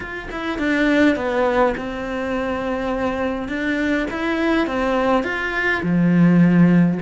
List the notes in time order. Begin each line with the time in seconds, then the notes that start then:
0.00 F4
0.31 E4
0.58 D4
1.16 B3
1.77 C4
3.48 D4
4.10 E4
4.66 C4
5.23 F4
5.82 F3